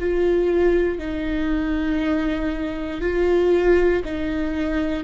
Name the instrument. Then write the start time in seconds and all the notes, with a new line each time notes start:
viola
0.00 F4
0.99 D#4
3.01 F4
4.05 D#4